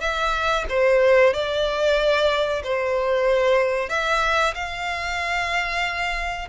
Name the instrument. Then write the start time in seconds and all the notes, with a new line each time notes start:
violin
0.00 E5
0.69 C5
1.33 D5
2.64 C5
3.89 E5
4.54 F5